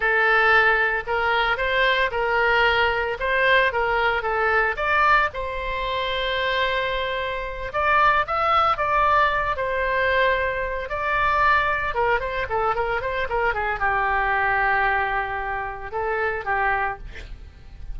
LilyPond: \new Staff \with { instrumentName = "oboe" } { \time 4/4 \tempo 4 = 113 a'2 ais'4 c''4 | ais'2 c''4 ais'4 | a'4 d''4 c''2~ | c''2~ c''8 d''4 e''8~ |
e''8 d''4. c''2~ | c''8 d''2 ais'8 c''8 a'8 | ais'8 c''8 ais'8 gis'8 g'2~ | g'2 a'4 g'4 | }